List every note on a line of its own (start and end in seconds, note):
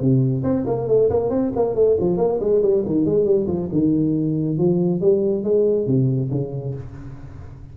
0.00 0.43 C3
0.43 0.65 C4
0.67 0.88 A#3
0.88 1.10 A3
1.10 1.30 A#3
1.30 1.52 C4
1.56 1.75 A#3
1.75 1.97 A3
2.00 2.17 F3
2.17 2.39 A#3
2.40 2.62 G#3
2.62 2.84 G3
2.86 3.06 D#3
3.06 3.25 G#3
3.25 3.47 G3
3.47 3.69 F3
3.72 4.58 D#3
4.58 5.01 F3
5.01 5.44 G3
5.44 5.87 G#3
5.87 6.30 C3
6.31 6.75 C#3